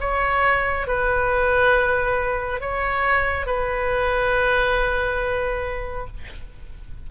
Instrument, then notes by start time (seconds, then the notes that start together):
oboe
0.00 C#5
0.87 B4
2.60 C#5
3.46 B4